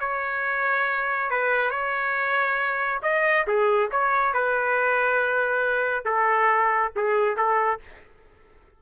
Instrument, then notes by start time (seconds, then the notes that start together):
trumpet
0.00 C#5
1.30 B4
1.71 C#5
3.03 D#5
3.47 G#4
3.91 C#5
4.34 B4
6.05 A4
6.96 G#4
7.37 A4